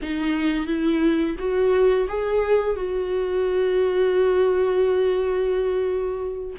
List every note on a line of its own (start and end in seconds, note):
0.02 0.66 D#4
0.66 1.35 E4
1.38 2.07 F#4
2.08 2.76 G#4
2.76 6.55 F#4